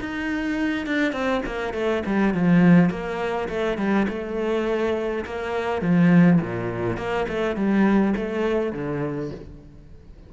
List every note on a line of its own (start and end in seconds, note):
0.00 0.86 D#4
0.86 1.12 D4
1.12 1.41 C4
1.46 1.73 A#3
1.73 2.03 A3
2.06 2.34 G3
2.34 2.90 F3
2.90 3.48 A#3
3.48 3.77 A3
3.77 4.06 G3
4.08 5.25 A3
5.25 5.81 A#3
5.81 6.40 F3
6.41 6.97 A#2
6.97 7.26 A#3
7.28 7.56 A3
7.56 8.14 G3
8.16 8.72 A3
8.72 9.31 D3